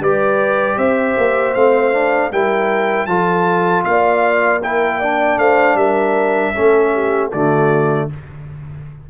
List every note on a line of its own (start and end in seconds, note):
0.00 0.77 G3
0.00 1.56 G4
0.00 0.78 B4
0.00 0.78 D5
0.77 1.16 C4
0.77 2.31 C5
0.77 1.54 E5
1.17 1.55 A#3
1.54 2.31 A3
1.54 1.93 C4
1.54 2.31 F5
1.93 2.31 D4
2.31 3.07 G3
2.31 3.08 E4
2.31 3.08 A#4
2.31 3.06 G5
3.06 3.84 F3
3.06 4.62 F4
3.06 3.86 A4
3.06 3.83 A5
3.84 5.37 A#3
3.84 4.62 D5
3.84 4.61 F5
4.62 5.02 E4
4.62 4.99 A#4
4.62 5.39 G5
4.99 6.54 D4
4.99 5.37 D5
5.37 5.75 A3
5.37 5.77 C5
5.37 5.76 F5
5.75 6.52 G3
5.75 6.54 A#4
5.75 7.30 E5
6.54 7.33 A3
6.54 7.31 C#4
6.54 6.92 A4
6.93 7.31 G4
7.31 8.10 D3
7.31 8.10 A3
7.31 8.08 F#4
7.31 8.09 D5